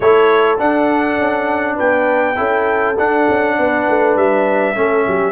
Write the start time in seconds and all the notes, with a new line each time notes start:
0.00 A3 E4 A4 C#5
0.58 D4 F#5
1.18 C#4
1.75 B3 B4 G5
2.35 C#4 E4 A4
2.97 D4 F#5
3.28 C#4
3.58 B3 B4
3.89 A3
4.16 G3 E5
4.75 A3 C#4 A4
5.06 F#3 G4